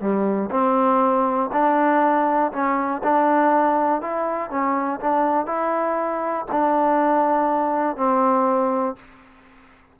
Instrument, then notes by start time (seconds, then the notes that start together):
trombone
0.00 G3
0.51 C4
1.52 D4
2.52 C#4
3.03 D4
4.01 E4
4.50 C#4
5.00 D4
5.46 E4
6.51 D4
7.97 C4